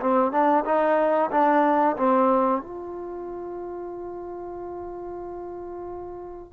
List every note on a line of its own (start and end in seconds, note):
0.00 0.31 C4
0.31 0.64 D4
0.65 1.30 D#4
1.30 1.96 D4
1.96 2.61 C4
2.61 6.52 F4